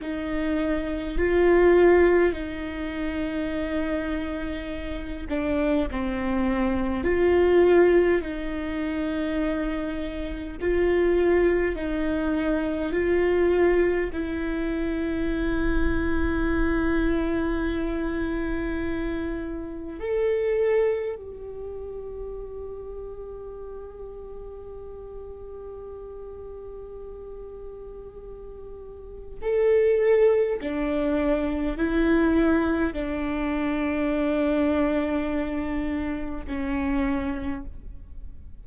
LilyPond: \new Staff \with { instrumentName = "viola" } { \time 4/4 \tempo 4 = 51 dis'4 f'4 dis'2~ | dis'8 d'8 c'4 f'4 dis'4~ | dis'4 f'4 dis'4 f'4 | e'1~ |
e'4 a'4 g'2~ | g'1~ | g'4 a'4 d'4 e'4 | d'2. cis'4 | }